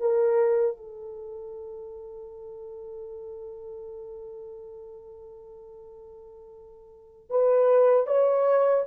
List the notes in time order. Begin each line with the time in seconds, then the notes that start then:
0.00 A#4
0.77 A4
7.30 B4
8.07 C#5